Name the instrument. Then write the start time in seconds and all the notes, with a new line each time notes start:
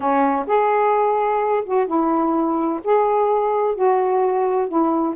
saxophone
0.00 C#4
0.46 G#4
1.64 F#4
1.86 E4
2.84 G#4
3.75 F#4
4.68 E4